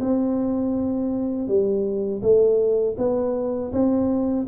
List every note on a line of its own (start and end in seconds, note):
0.00 1.47 C4
1.47 2.22 G3
2.22 2.96 A3
2.98 3.72 B3
3.72 4.46 C4